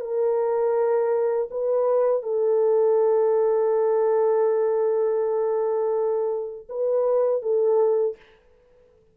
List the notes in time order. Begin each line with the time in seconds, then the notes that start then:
0.00 A#4
1.51 B4
2.22 A4
6.69 B4
7.42 A4